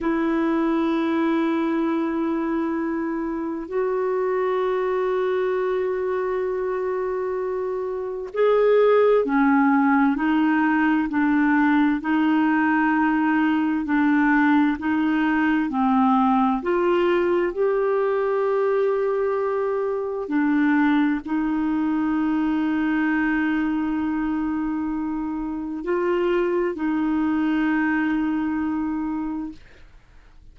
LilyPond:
\new Staff \with { instrumentName = "clarinet" } { \time 4/4 \tempo 4 = 65 e'1 | fis'1~ | fis'4 gis'4 cis'4 dis'4 | d'4 dis'2 d'4 |
dis'4 c'4 f'4 g'4~ | g'2 d'4 dis'4~ | dis'1 | f'4 dis'2. | }